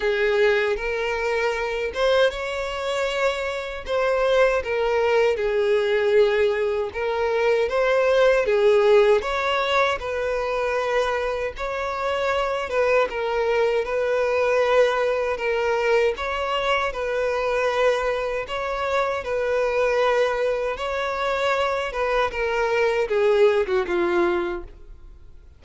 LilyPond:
\new Staff \with { instrumentName = "violin" } { \time 4/4 \tempo 4 = 78 gis'4 ais'4. c''8 cis''4~ | cis''4 c''4 ais'4 gis'4~ | gis'4 ais'4 c''4 gis'4 | cis''4 b'2 cis''4~ |
cis''8 b'8 ais'4 b'2 | ais'4 cis''4 b'2 | cis''4 b'2 cis''4~ | cis''8 b'8 ais'4 gis'8. fis'16 f'4 | }